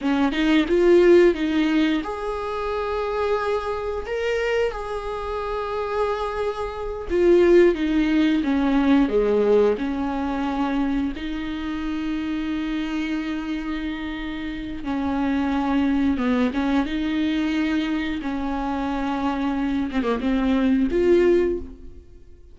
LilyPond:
\new Staff \with { instrumentName = "viola" } { \time 4/4 \tempo 4 = 89 cis'8 dis'8 f'4 dis'4 gis'4~ | gis'2 ais'4 gis'4~ | gis'2~ gis'8 f'4 dis'8~ | dis'8 cis'4 gis4 cis'4.~ |
cis'8 dis'2.~ dis'8~ | dis'2 cis'2 | b8 cis'8 dis'2 cis'4~ | cis'4. c'16 ais16 c'4 f'4 | }